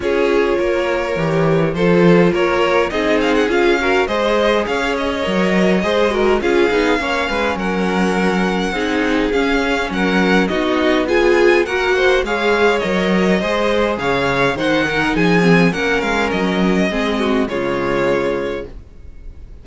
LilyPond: <<
  \new Staff \with { instrumentName = "violin" } { \time 4/4 \tempo 4 = 103 cis''2. c''4 | cis''4 dis''8 f''16 fis''16 f''4 dis''4 | f''8 dis''2~ dis''8 f''4~ | f''4 fis''2. |
f''4 fis''4 dis''4 gis''4 | fis''4 f''4 dis''2 | f''4 fis''4 gis''4 fis''8 f''8 | dis''2 cis''2 | }
  \new Staff \with { instrumentName = "violin" } { \time 4/4 gis'4 ais'2 a'4 | ais'4 gis'4. ais'8 c''4 | cis''2 c''8 ais'8 gis'4 | cis''8 b'8 ais'2 gis'4~ |
gis'4 ais'4 fis'4 gis'4 | ais'8 c''8 cis''2 c''4 | cis''4 c''8 ais'8 gis'4 ais'4~ | ais'4 gis'8 fis'8 f'2 | }
  \new Staff \with { instrumentName = "viola" } { \time 4/4 f'2 g'4 f'4~ | f'4 dis'4 f'8 fis'8 gis'4~ | gis'4 ais'4 gis'8 fis'8 f'8 dis'8 | cis'2. dis'4 |
cis'2 dis'4 f'4 | fis'4 gis'4 ais'4 gis'4~ | gis'4 dis'4. c'8 cis'4~ | cis'4 c'4 gis2 | }
  \new Staff \with { instrumentName = "cello" } { \time 4/4 cis'4 ais4 e4 f4 | ais4 c'4 cis'4 gis4 | cis'4 fis4 gis4 cis'8 b8 | ais8 gis8 fis2 c'4 |
cis'4 fis4 b2 | ais4 gis4 fis4 gis4 | cis4 dis4 f4 ais8 gis8 | fis4 gis4 cis2 | }
>>